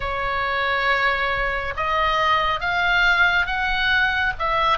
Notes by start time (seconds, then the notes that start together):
0.00 C#5
1.76 D#5
2.60 F5
3.46 F#5
4.38 E5